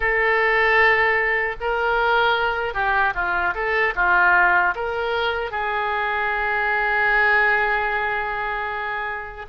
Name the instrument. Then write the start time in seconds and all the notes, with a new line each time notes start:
oboe
0.00 A4
1.60 A#4
2.74 G4
3.14 F4
3.54 A4
3.95 F4
4.75 A#4
5.51 G#4